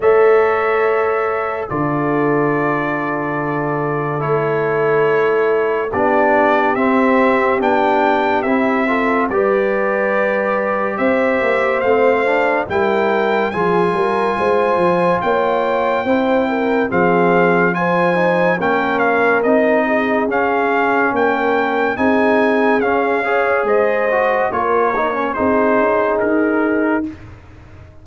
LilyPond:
<<
  \new Staff \with { instrumentName = "trumpet" } { \time 4/4 \tempo 4 = 71 e''2 d''2~ | d''4 cis''2 d''4 | e''4 g''4 e''4 d''4~ | d''4 e''4 f''4 g''4 |
gis''2 g''2 | f''4 gis''4 g''8 f''8 dis''4 | f''4 g''4 gis''4 f''4 | dis''4 cis''4 c''4 ais'4 | }
  \new Staff \with { instrumentName = "horn" } { \time 4/4 cis''2 a'2~ | a'2. g'4~ | g'2~ g'8 a'8 b'4~ | b'4 c''2 ais'4 |
gis'8 ais'8 c''4 cis''4 c''8 ais'8 | gis'4 c''4 ais'4. gis'8~ | gis'4 ais'4 gis'4. cis''8 | c''4 ais'4 gis'2 | }
  \new Staff \with { instrumentName = "trombone" } { \time 4/4 a'2 f'2~ | f'4 e'2 d'4 | c'4 d'4 e'8 f'8 g'4~ | g'2 c'8 d'8 e'4 |
f'2. e'4 | c'4 f'8 dis'8 cis'4 dis'4 | cis'2 dis'4 cis'8 gis'8~ | gis'8 fis'8 f'8 dis'16 cis'16 dis'2 | }
  \new Staff \with { instrumentName = "tuba" } { \time 4/4 a2 d2~ | d4 a2 b4 | c'4 b4 c'4 g4~ | g4 c'8 ais8 a4 g4 |
f8 g8 gis8 f8 ais4 c'4 | f2 ais4 c'4 | cis'4 ais4 c'4 cis'4 | gis4 ais4 c'8 cis'8 dis'4 | }
>>